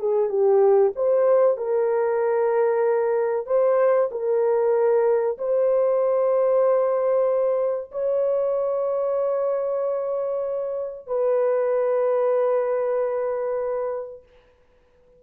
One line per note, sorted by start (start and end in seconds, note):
0.00 0.30 G#4
0.30 0.93 G4
0.96 1.58 C5
1.58 3.47 A#4
3.47 4.10 C5
4.12 5.38 A#4
5.39 7.91 C5
7.92 11.08 C#5
11.08 14.23 B4